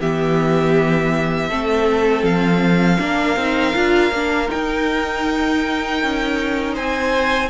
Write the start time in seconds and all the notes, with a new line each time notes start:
0.00 E3 B3 G4 E5
1.49 A3 C4 A4
2.23 F3 F5
2.99 A#3 D4 A#4
3.36 C4 D#4
3.74 D4 F4
4.12 A#3 D4
4.48 D#4 G5
4.54 D#4
6.03 C#4
6.74 C4 C5 G#5